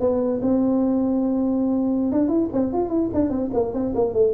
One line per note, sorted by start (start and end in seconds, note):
0.00 0.41 B3
0.41 2.12 C4
2.12 2.28 D4
2.28 2.49 E4
2.53 2.73 C4
2.73 2.89 F4
2.89 3.10 E4
3.14 3.30 D4
3.30 3.50 C4
3.53 3.74 A#3
3.74 3.94 C4
3.95 4.14 A#3
4.14 4.33 A3